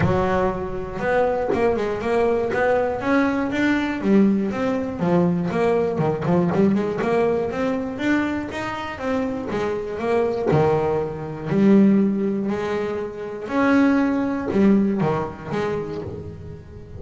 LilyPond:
\new Staff \with { instrumentName = "double bass" } { \time 4/4 \tempo 4 = 120 fis2 b4 ais8 gis8 | ais4 b4 cis'4 d'4 | g4 c'4 f4 ais4 | dis8 f8 g8 gis8 ais4 c'4 |
d'4 dis'4 c'4 gis4 | ais4 dis2 g4~ | g4 gis2 cis'4~ | cis'4 g4 dis4 gis4 | }